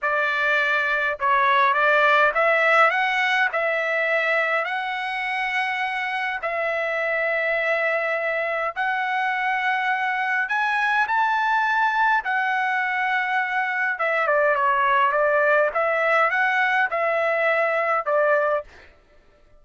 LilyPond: \new Staff \with { instrumentName = "trumpet" } { \time 4/4 \tempo 4 = 103 d''2 cis''4 d''4 | e''4 fis''4 e''2 | fis''2. e''4~ | e''2. fis''4~ |
fis''2 gis''4 a''4~ | a''4 fis''2. | e''8 d''8 cis''4 d''4 e''4 | fis''4 e''2 d''4 | }